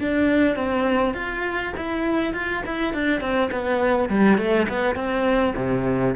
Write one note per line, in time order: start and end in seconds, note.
0.00 0.56 D4
0.56 1.14 C4
1.14 1.73 F4
1.77 2.33 E4
2.33 2.63 F4
2.66 2.93 E4
2.93 3.20 D4
3.20 3.50 C4
3.51 4.09 B3
4.09 4.37 G3
4.37 4.67 A3
4.68 4.95 B3
4.95 5.54 C4
5.56 6.15 C3